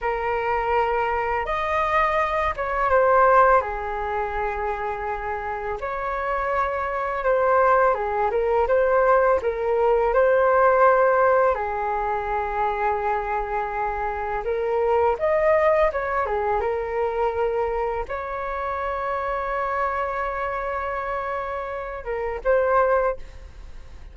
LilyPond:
\new Staff \with { instrumentName = "flute" } { \time 4/4 \tempo 4 = 83 ais'2 dis''4. cis''8 | c''4 gis'2. | cis''2 c''4 gis'8 ais'8 | c''4 ais'4 c''2 |
gis'1 | ais'4 dis''4 cis''8 gis'8 ais'4~ | ais'4 cis''2.~ | cis''2~ cis''8 ais'8 c''4 | }